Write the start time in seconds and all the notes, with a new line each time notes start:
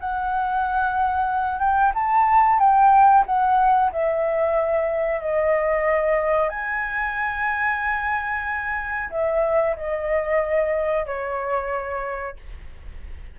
0.00 F#5
1.59 G5
1.94 A5
2.59 G5
3.26 F#5
3.92 E5
5.21 D#5
6.49 G#5
9.11 E5
9.76 D#5
11.06 C#5